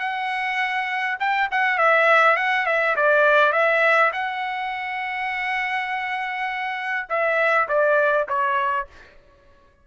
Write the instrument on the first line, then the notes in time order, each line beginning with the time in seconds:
trumpet
0.00 F#5
1.20 G5
1.52 F#5
1.79 E5
2.37 F#5
2.67 E5
2.97 D5
3.53 E5
4.13 F#5
7.10 E5
7.69 D5
8.29 C#5